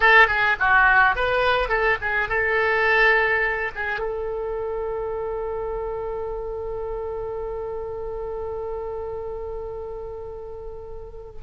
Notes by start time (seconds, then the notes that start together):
0.00 A4
0.27 G#4
0.59 F#4
1.15 B4
1.68 A4
2.01 G#4
2.28 A4
3.75 G#4
3.99 A4